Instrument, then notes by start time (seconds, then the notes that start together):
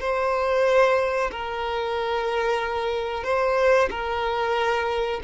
violin
0.00 C5
1.31 A#4
3.24 C5
3.90 A#4